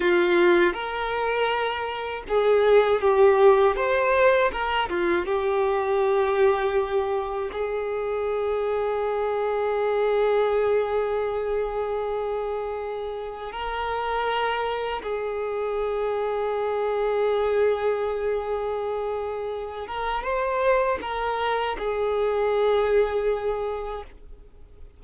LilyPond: \new Staff \with { instrumentName = "violin" } { \time 4/4 \tempo 4 = 80 f'4 ais'2 gis'4 | g'4 c''4 ais'8 f'8 g'4~ | g'2 gis'2~ | gis'1~ |
gis'2 ais'2 | gis'1~ | gis'2~ gis'8 ais'8 c''4 | ais'4 gis'2. | }